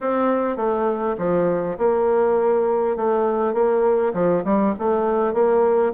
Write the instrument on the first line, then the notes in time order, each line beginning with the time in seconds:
bassoon
0.00 C4
0.56 A3
1.18 F3
1.78 A#3
2.96 A3
3.53 A#3
4.13 F3
4.44 G3
4.78 A3
5.33 A#3